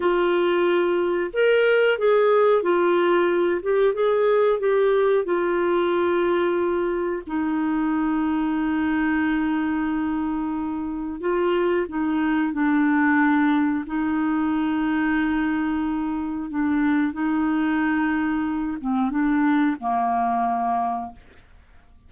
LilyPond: \new Staff \with { instrumentName = "clarinet" } { \time 4/4 \tempo 4 = 91 f'2 ais'4 gis'4 | f'4. g'8 gis'4 g'4 | f'2. dis'4~ | dis'1~ |
dis'4 f'4 dis'4 d'4~ | d'4 dis'2.~ | dis'4 d'4 dis'2~ | dis'8 c'8 d'4 ais2 | }